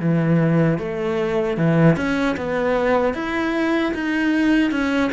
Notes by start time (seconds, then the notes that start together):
0.00 E3
0.79 A3
1.58 E3
1.96 C#4
2.37 B3
3.14 E4
3.94 D#4
4.71 C#4